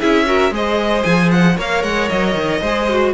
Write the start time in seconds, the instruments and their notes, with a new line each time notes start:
0.00 cello C#4, viola E4, violin G#4 E5
0.27 viola F#4, violin A#4
0.51 cello G#3, viola G#4, violin C5 D#5
1.04 cello F3, violin G#5
1.32 violin F#5
1.57 cello A#3, viola A#4, violin C#5 F5
1.83 cello G#3, violin F#5
2.09 cello F#3, violin D#5
2.35 cello D#3
2.61 cello G#3, viola G#4, violin C5
2.90 viola F#4